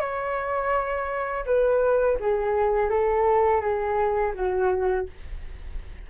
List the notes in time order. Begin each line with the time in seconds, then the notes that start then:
0.00 C#5
1.45 B4
2.19 G#4
2.89 A4
3.61 G#4
4.34 F#4